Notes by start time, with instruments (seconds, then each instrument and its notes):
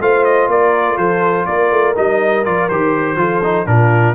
0.00 tuba A3, trombone F4, horn C5, trumpet F5
0.24 trumpet D#5
0.48 tuba A#3, horn A#4, trumpet D5
0.97 tuba F3, horn A4, trumpet C5
1.46 tuba A#3, horn A#4, trumpet D5
1.71 tuba A3
1.95 tuba G3, trombone D#4, trumpet D#5
2.44 tuba F3, trombone F4, trumpet D5
2.69 tuba D#3, trombone G4, trumpet C5
3.16 tuba F3, trombone F4, horn A4
3.43 trombone D#4
3.66 tuba A#2, trombone D4, horn F4, trumpet A#4